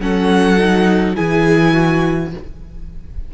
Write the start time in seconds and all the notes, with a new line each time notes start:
0.00 F#3 C#4 A4 F#5
0.58 D#4
1.15 E3 E4 G#4 G#5
1.73 F#4